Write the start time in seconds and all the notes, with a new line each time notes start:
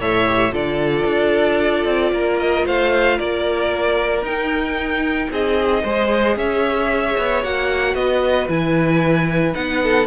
0.00 A2 A4 C#5 E5
0.26 G4
0.51 D3 F4 A4 D5
1.06 D4
1.86 C4
2.12 A#3 A#4
2.39 D#5
2.66 A3 C5 F5
3.17 A#3 A#4 D5
4.23 D#4 G5
5.31 C4 G#4 D#5
5.84 G#3 G#4 C5
6.36 C#4 C#5 E5
7.18 B3
7.44 A#3 F#4 F#5
7.95 B3 B4 D#5
8.49 E3 E4 G#5
9.53 B3 D#4 F#5
9.83 A4